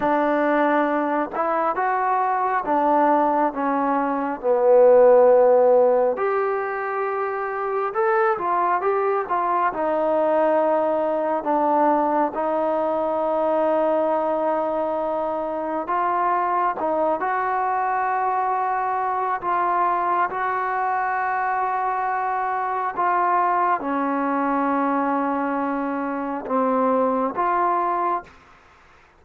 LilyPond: \new Staff \with { instrumentName = "trombone" } { \time 4/4 \tempo 4 = 68 d'4. e'8 fis'4 d'4 | cis'4 b2 g'4~ | g'4 a'8 f'8 g'8 f'8 dis'4~ | dis'4 d'4 dis'2~ |
dis'2 f'4 dis'8 fis'8~ | fis'2 f'4 fis'4~ | fis'2 f'4 cis'4~ | cis'2 c'4 f'4 | }